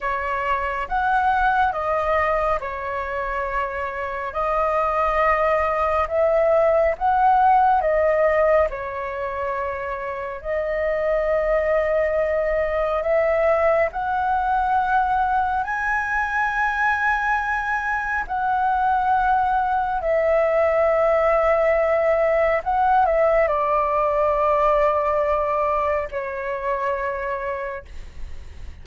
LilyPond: \new Staff \with { instrumentName = "flute" } { \time 4/4 \tempo 4 = 69 cis''4 fis''4 dis''4 cis''4~ | cis''4 dis''2 e''4 | fis''4 dis''4 cis''2 | dis''2. e''4 |
fis''2 gis''2~ | gis''4 fis''2 e''4~ | e''2 fis''8 e''8 d''4~ | d''2 cis''2 | }